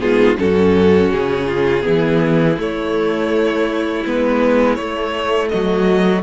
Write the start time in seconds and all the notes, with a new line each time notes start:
0.00 G#2 B3 F4 G#4
0.37 F#2 C#4 F#4 A4
1.12 C#3 G#4
1.47 F4
1.82 E3 B3 E4
2.57 A3 C#5
4.05 G#3 B3 B4
4.76 A3 C#5
5.49 F#3 F#4 D#5